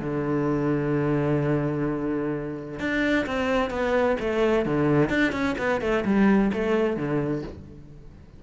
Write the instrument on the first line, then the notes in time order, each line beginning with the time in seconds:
cello
0.00 D3
2.79 D4
3.26 C4
3.70 B3
4.19 A3
4.65 D3
5.09 D4
5.32 C#4
5.58 B3
5.81 A3
6.05 G3
6.53 A3
6.96 D3